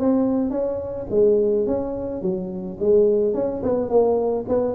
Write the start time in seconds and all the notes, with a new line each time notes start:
0.00 C4
0.51 C#4
1.11 G#3
1.67 C#4
2.22 F#3
2.80 G#3
3.34 C#4
3.63 B3
3.89 A#3
4.49 B3